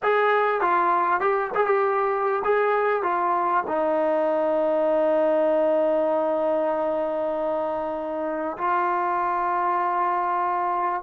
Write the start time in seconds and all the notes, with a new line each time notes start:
0.03 G#4
0.61 F4
1.20 G4
1.54 G#4
1.66 G4
2.44 G#4
3.03 F4
3.67 D#4
8.57 F4